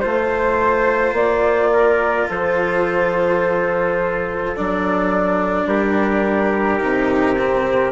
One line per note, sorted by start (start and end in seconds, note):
0.00 1.13 A3
0.00 4.56 F4
0.00 1.13 C5
0.00 1.71 C5
1.13 2.26 A#3
1.13 2.29 D5
1.74 2.30 A#4
2.30 4.57 F3
2.30 5.69 A4
2.30 4.56 C5
4.56 5.67 F#3
4.56 6.80 D4
4.56 5.68 D5
5.67 6.80 G3
5.67 7.92 G4
5.67 7.92 A#4
6.80 7.92 C3
6.80 7.36 D#4
7.39 7.92 C4